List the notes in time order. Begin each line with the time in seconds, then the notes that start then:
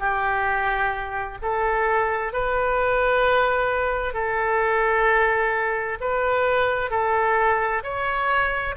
0.00 G4
1.43 A4
2.33 B4
4.14 A4
6.01 B4
6.91 A4
7.83 C#5